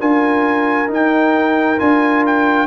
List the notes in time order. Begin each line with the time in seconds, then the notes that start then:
0.00 D4 F4 A#4 G#5
0.87 D#4
0.93 G5
1.77 D4 F4 G#5
2.26 G5